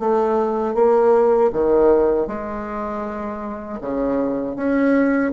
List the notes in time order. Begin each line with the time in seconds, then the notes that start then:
0.00 A3
0.75 A#3
1.53 D#3
2.28 G#3
3.82 C#3
4.56 C#4